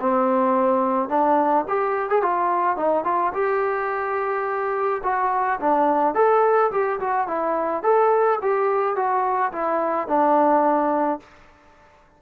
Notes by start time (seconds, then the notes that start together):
0.00 C4
1.09 D4
1.68 G4
2.09 G#4
2.22 F4
2.76 D#4
3.04 F4
3.33 G4
5.03 F#4
5.60 D4
6.15 A4
6.71 G4
6.99 F#4
7.27 E4
7.82 A4
8.42 G4
8.95 F#4
9.52 E4
10.07 D4